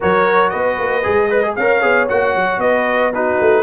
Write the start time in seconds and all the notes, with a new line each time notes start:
0.00 F#3 F#4 A#4 C#5
0.49 B3 B4 D#5
0.79 A#3
1.02 G#3 G#4
1.30 B4 D#5
1.42 G#4
1.55 C#4 A#4 C#5 F5
1.81 B3 G#4
2.08 A#3 F#4 F#5
2.35 F#3
2.57 B3 B4 D#5
3.13 D#4 F#4 B4
3.41 A3